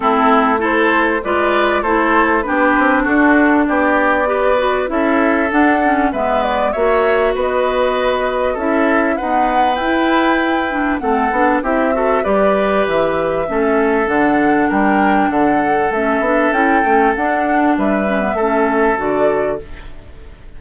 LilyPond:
<<
  \new Staff \with { instrumentName = "flute" } { \time 4/4 \tempo 4 = 98 a'4 c''4 d''4 c''4 | b'4 a'4 d''2 | e''4 fis''4 e''8 d''8 e''4 | dis''2 e''4 fis''4 |
g''2 fis''4 e''4 | d''4 e''2 fis''4 | g''4 fis''4 e''4 g''4 | fis''4 e''2 d''4 | }
  \new Staff \with { instrumentName = "oboe" } { \time 4/4 e'4 a'4 b'4 a'4 | g'4 fis'4 g'4 b'4 | a'2 b'4 cis''4 | b'2 a'4 b'4~ |
b'2 a'4 g'8 a'8 | b'2 a'2 | ais'4 a'2.~ | a'4 b'4 a'2 | }
  \new Staff \with { instrumentName = "clarinet" } { \time 4/4 c'4 e'4 f'4 e'4 | d'2. g'8 fis'8 | e'4 d'8 cis'8 b4 fis'4~ | fis'2 e'4 b4 |
e'4. d'8 c'8 d'8 e'8 fis'8 | g'2 cis'4 d'4~ | d'2 cis'8 d'8 e'8 cis'8 | d'4. cis'16 b16 cis'4 fis'4 | }
  \new Staff \with { instrumentName = "bassoon" } { \time 4/4 a2 gis4 a4 | b8 c'8 d'4 b2 | cis'4 d'4 gis4 ais4 | b2 cis'4 dis'4 |
e'2 a8 b8 c'4 | g4 e4 a4 d4 | g4 d4 a8 b8 cis'8 a8 | d'4 g4 a4 d4 | }
>>